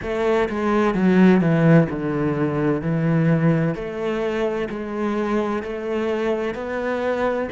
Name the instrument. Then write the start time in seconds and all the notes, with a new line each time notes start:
cello
0.02 A3
0.49 G#3
0.94 F#3
1.41 E3
1.89 D3
2.81 E3
3.75 A3
4.69 G#3
5.62 A3
6.54 B3